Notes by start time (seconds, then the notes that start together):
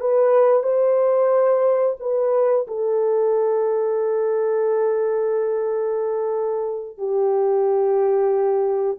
0.00 B4
0.63 C5
2.00 B4
2.67 A4
6.98 G4